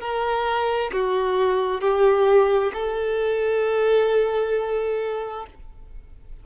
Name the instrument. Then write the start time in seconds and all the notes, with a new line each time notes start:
violin
0.00 A#4
0.92 F#4
1.81 G4
2.73 A4